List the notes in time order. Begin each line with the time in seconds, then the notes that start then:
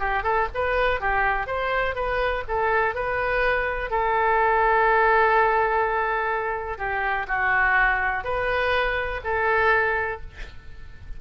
0.00 G4
0.24 A4
0.55 B4
1.01 G4
1.47 C5
1.96 B4
2.48 A4
2.95 B4
3.91 A4
6.78 G4
7.28 F#4
8.24 B4
9.24 A4